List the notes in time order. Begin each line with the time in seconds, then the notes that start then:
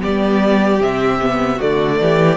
0.00 G3 B3 G4 D5
0.80 C3 C4 E5
1.21 B3
1.56 A3 F#4 D5
1.62 D3
2.00 E3 G4